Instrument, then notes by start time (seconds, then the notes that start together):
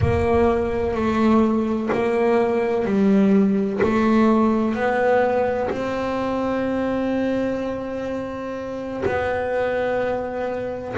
double bass
0.00 A#3
0.94 A3
1.93 A#3
2.85 G3
3.82 A3
4.74 B3
5.70 C4
9.05 B3